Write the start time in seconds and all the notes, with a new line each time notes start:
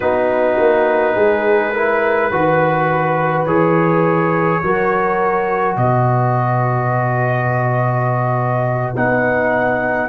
0.00 B3 D#4 F#4 B4
0.58 A#3
1.15 G#3 G#4
1.72 E4 A#4
2.29 D#3 F#4 B4
3.45 E3 G#4 C#5
4.62 F#3 F#4 A#4
5.76 B2 B4 D#5
8.95 B3 D#4 F#5